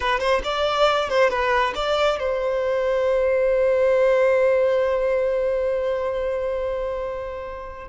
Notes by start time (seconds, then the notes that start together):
0.00 B4
0.19 C5
0.44 D5
1.09 C5
1.29 B4
1.75 D5
2.19 C5